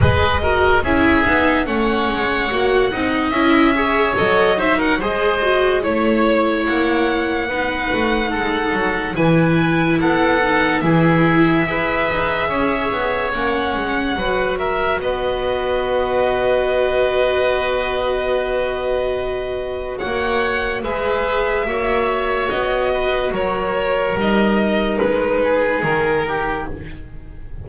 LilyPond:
<<
  \new Staff \with { instrumentName = "violin" } { \time 4/4 \tempo 4 = 72 dis''4 e''4 fis''2 | e''4 dis''8 e''16 fis''16 dis''4 cis''4 | fis''2. gis''4 | fis''4 e''2. |
fis''4. e''8 dis''2~ | dis''1 | fis''4 e''2 dis''4 | cis''4 dis''4 b'4 ais'4 | }
  \new Staff \with { instrumentName = "oboe" } { \time 4/4 b'8 ais'8 gis'4 cis''4. dis''8~ | dis''8 cis''4 c''16 ais'16 c''4 cis''4~ | cis''4 b'4 a'4 b'4 | a'4 gis'4 b'4 cis''4~ |
cis''4 b'8 ais'8 b'2~ | b'1 | cis''4 b'4 cis''4. b'8 | ais'2~ ais'8 gis'4 g'8 | }
  \new Staff \with { instrumentName = "viola" } { \time 4/4 gis'8 fis'8 e'8 dis'8 cis'4 fis'8 dis'8 | e'8 gis'8 a'8 dis'8 gis'8 fis'8 e'4~ | e'4 dis'2 e'4~ | e'8 dis'8 e'4 gis'2 |
cis'4 fis'2.~ | fis'1~ | fis'4 gis'4 fis'2~ | fis'4 dis'2. | }
  \new Staff \with { instrumentName = "double bass" } { \time 4/4 gis4 cis'8 b8 a8 gis8 ais8 c'8 | cis'4 fis4 gis4 a4 | ais4 b8 a8 gis8 fis8 e4 | b4 e4 e'8 dis'8 cis'8 b8 |
ais8 gis8 fis4 b2~ | b1 | ais4 gis4 ais4 b4 | fis4 g4 gis4 dis4 | }
>>